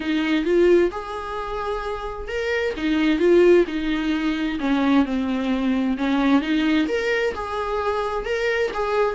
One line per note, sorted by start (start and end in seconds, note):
0.00 0.45 D#4
0.45 0.90 F4
0.91 2.28 G#4
2.28 2.74 A#4
2.76 3.19 D#4
3.19 3.65 F4
3.67 4.58 D#4
4.59 5.05 C#4
5.05 5.97 C4
5.97 6.41 C#4
6.41 6.87 D#4
6.88 7.33 A#4
7.34 8.25 G#4
8.25 8.71 A#4
8.73 9.15 G#4